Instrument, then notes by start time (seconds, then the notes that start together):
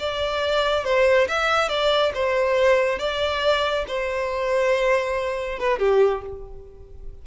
violin
0.00 D5
0.85 C5
1.28 E5
1.69 D5
2.15 C5
2.99 D5
3.88 C5
5.60 B4
5.79 G4